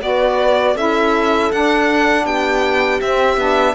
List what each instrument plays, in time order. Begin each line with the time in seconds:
0.00 cello B3, saxophone F#4, horn B4, violin D5
0.74 cello C#4, saxophone E4, horn A4, violin E5
1.51 saxophone D4, cello D4, violin F#5
2.25 cello B3, horn G4, violin G5
3.01 cello C4, saxophone C4, violin E5
3.37 cello B3, saxophone D4